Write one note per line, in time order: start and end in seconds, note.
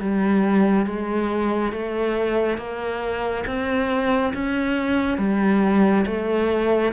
0.00 0.86 G3
0.86 1.72 G#3
1.72 2.58 A3
2.58 3.45 A#3
3.46 4.33 C4
4.34 5.18 C#4
5.18 6.05 G3
6.06 6.92 A3